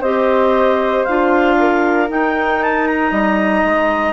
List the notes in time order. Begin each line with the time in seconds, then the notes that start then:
0.00 C4 G4 C5 D#5
1.04 D4 F4 F5
1.59 A#4
2.08 D#4 G5
2.62 A5
2.87 A#5
3.10 G3 D#5
3.64 G#3